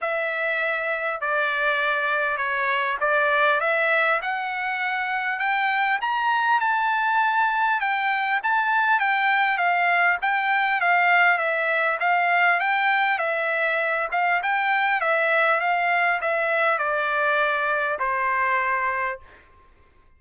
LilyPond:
\new Staff \with { instrumentName = "trumpet" } { \time 4/4 \tempo 4 = 100 e''2 d''2 | cis''4 d''4 e''4 fis''4~ | fis''4 g''4 ais''4 a''4~ | a''4 g''4 a''4 g''4 |
f''4 g''4 f''4 e''4 | f''4 g''4 e''4. f''8 | g''4 e''4 f''4 e''4 | d''2 c''2 | }